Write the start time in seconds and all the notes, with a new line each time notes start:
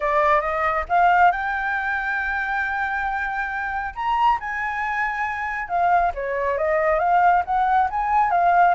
0.00 D5
0.40 D#5
0.88 F5
1.31 G5
3.95 A#5
4.40 G#5
5.68 F5
6.14 C#5
6.57 D#5
6.99 F5
7.45 F#5
7.90 G#5
8.31 F5